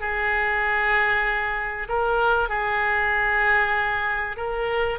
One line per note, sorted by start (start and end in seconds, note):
0.00 1.88 G#4
1.88 2.49 A#4
2.49 4.36 G#4
4.36 4.99 A#4